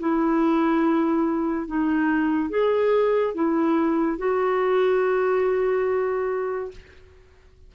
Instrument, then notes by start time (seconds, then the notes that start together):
clarinet
0.00 E4
1.67 D#4
2.50 G#4
3.35 E4
4.18 F#4